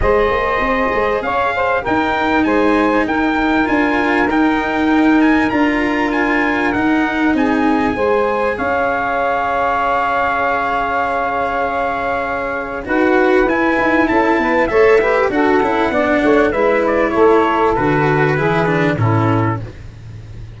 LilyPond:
<<
  \new Staff \with { instrumentName = "trumpet" } { \time 4/4 \tempo 4 = 98 dis''2 f''4 g''4 | gis''4 g''4 gis''4 g''4~ | g''8 gis''8 ais''4 gis''4 fis''4 | gis''2 f''2~ |
f''1~ | f''4 fis''4 gis''4 a''4 | e''4 fis''2 e''8 d''8 | cis''4 b'2 a'4 | }
  \new Staff \with { instrumentName = "saxophone" } { \time 4/4 c''2 cis''8 c''8 ais'4 | c''4 ais'2.~ | ais'1 | gis'4 c''4 cis''2~ |
cis''1~ | cis''4 b'2 a'8 b'8 | cis''8 b'8 a'4 d''8 cis''8 b'4 | a'2 gis'4 e'4 | }
  \new Staff \with { instrumentName = "cello" } { \time 4/4 gis'2. dis'4~ | dis'2 f'4 dis'4~ | dis'4 f'2 dis'4~ | dis'4 gis'2.~ |
gis'1~ | gis'4 fis'4 e'2 | a'8 g'8 fis'8 e'8 d'4 e'4~ | e'4 fis'4 e'8 d'8 cis'4 | }
  \new Staff \with { instrumentName = "tuba" } { \time 4/4 gis8 ais8 c'8 gis8 cis'4 dis'4 | gis4 dis'4 d'4 dis'4~ | dis'4 d'2 dis'4 | c'4 gis4 cis'2~ |
cis'1~ | cis'4 dis'4 e'8 dis'8 cis'8 b8 | a4 d'8 cis'8 b8 a8 gis4 | a4 d4 e4 a,4 | }
>>